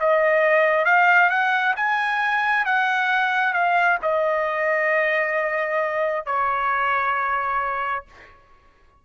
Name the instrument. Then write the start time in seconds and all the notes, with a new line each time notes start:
trumpet
0.00 D#5
0.85 F5
1.30 F#5
1.76 G#5
2.65 F#5
3.53 F5
4.02 D#5
6.26 C#5